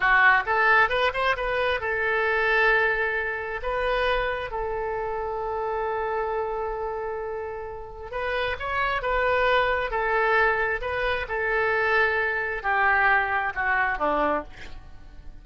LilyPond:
\new Staff \with { instrumentName = "oboe" } { \time 4/4 \tempo 4 = 133 fis'4 a'4 b'8 c''8 b'4 | a'1 | b'2 a'2~ | a'1~ |
a'2 b'4 cis''4 | b'2 a'2 | b'4 a'2. | g'2 fis'4 d'4 | }